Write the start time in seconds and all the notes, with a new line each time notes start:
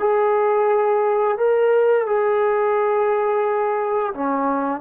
0.00 G#4
1.38 A#4
2.07 G#4
4.14 C#4